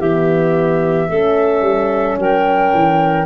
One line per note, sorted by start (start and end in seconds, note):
0.00 1.09 E3
0.00 1.12 B3
0.00 1.09 G4
0.00 2.19 E5
1.09 1.62 A3
1.09 3.26 C#4
1.09 2.18 A4
1.62 2.16 G3
2.19 2.73 F#3
2.19 3.26 A#4
2.19 3.26 G5
2.74 3.26 E3